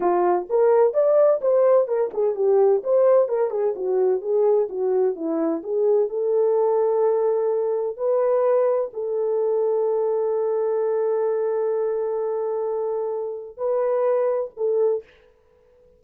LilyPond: \new Staff \with { instrumentName = "horn" } { \time 4/4 \tempo 4 = 128 f'4 ais'4 d''4 c''4 | ais'8 gis'8 g'4 c''4 ais'8 gis'8 | fis'4 gis'4 fis'4 e'4 | gis'4 a'2.~ |
a'4 b'2 a'4~ | a'1~ | a'1~ | a'4 b'2 a'4 | }